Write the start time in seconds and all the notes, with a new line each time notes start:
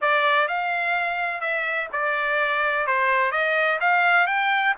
0.01 D5
0.48 F5
1.40 E5
1.92 D5
2.86 C5
3.31 D#5
3.80 F5
4.26 G5